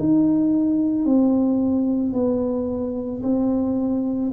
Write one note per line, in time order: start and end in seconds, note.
0.00 1.06 D#4
1.06 2.14 C4
2.14 3.23 B3
3.23 4.32 C4